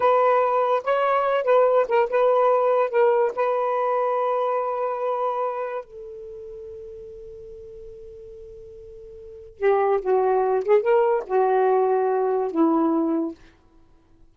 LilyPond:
\new Staff \with { instrumentName = "saxophone" } { \time 4/4 \tempo 4 = 144 b'2 cis''4. b'8~ | b'8 ais'8 b'2 ais'4 | b'1~ | b'2 a'2~ |
a'1~ | a'2. g'4 | fis'4. gis'8 ais'4 fis'4~ | fis'2 e'2 | }